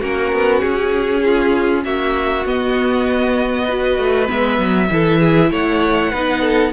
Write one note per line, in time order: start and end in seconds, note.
0.00 0.32 A#3
0.00 2.46 C#4
0.00 1.22 F#4
0.00 0.61 A#4
0.32 0.63 B3
0.61 1.84 C#4
0.61 1.83 G#4
1.25 1.85 F4
1.84 2.46 A#3
1.84 3.65 F#4
1.84 2.46 E5
2.46 3.98 B3
2.46 3.69 B3
2.46 4.30 D#5
3.65 4.27 F#4
3.65 4.88 B4
3.98 4.29 A3
4.27 4.59 G#3
4.27 4.88 B3
4.27 5.52 E5
4.59 4.89 F#3
4.91 5.51 E3
4.91 6.14 E4
4.91 5.20 A4
5.20 5.50 G#4
5.51 6.12 A3
5.51 6.12 C#5
5.51 6.73 F#5
6.12 6.73 B3
6.12 6.73 D#4
6.12 6.41 B4
6.41 6.72 A4